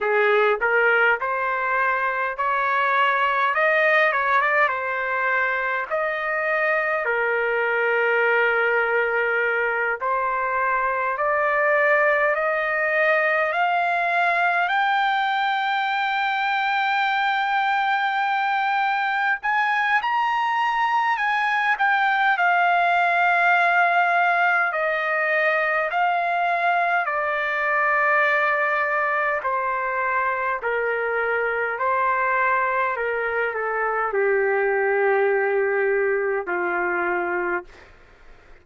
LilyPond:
\new Staff \with { instrumentName = "trumpet" } { \time 4/4 \tempo 4 = 51 gis'8 ais'8 c''4 cis''4 dis''8 cis''16 d''16 | c''4 dis''4 ais'2~ | ais'8 c''4 d''4 dis''4 f''8~ | f''8 g''2.~ g''8~ |
g''8 gis''8 ais''4 gis''8 g''8 f''4~ | f''4 dis''4 f''4 d''4~ | d''4 c''4 ais'4 c''4 | ais'8 a'8 g'2 f'4 | }